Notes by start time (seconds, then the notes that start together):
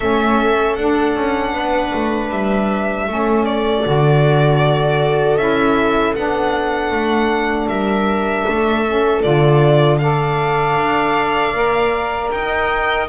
0.00 A3 C#4 A4 E5
0.75 D4 F#5
1.15 C#4
1.52 B3 B4
1.93 A3
2.30 G3 E5
3.07 A3 C#4 A4
3.45 D5
3.84 D3 F#4
5.36 C#4 E4 E5
6.15 B3 D4 F#5
6.90 A3
7.68 G3 A#4 E5
8.46 A3 A4
8.85 C#4
9.22 D3 F4 D5
9.98 A4 D5 F5
10.76 D4
11.53 A#3 A#4
12.31 D#4 D#5 G5